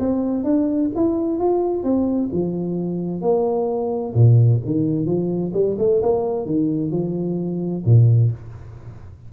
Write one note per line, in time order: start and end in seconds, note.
0.00 0.44 C4
0.44 0.90 D4
0.96 1.40 E4
1.40 1.84 F4
1.84 2.30 C4
2.33 3.22 F3
3.22 4.14 A#3
4.15 4.61 A#2
4.66 5.06 D#3
5.06 5.52 F3
5.54 5.77 G3
5.79 6.02 A3
6.03 6.46 A#3
6.46 6.91 D#3
6.91 7.84 F3
7.86 8.32 A#2